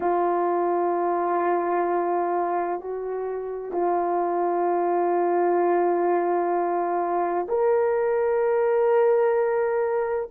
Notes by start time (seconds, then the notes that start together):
0.00 F4
2.80 F#4
3.72 F4
7.48 A#4